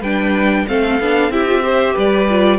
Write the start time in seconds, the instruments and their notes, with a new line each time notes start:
0.00 cello G3, viola D4, violin B4 G5
0.67 cello A3, viola C4, violin A4 F5
1.00 cello B3, viola D4
1.29 cello C4, viola E4, violin G4 E5
1.47 viola F4
1.62 viola G4, violin C5
1.93 cello G3, violin B4 D5
2.29 viola F4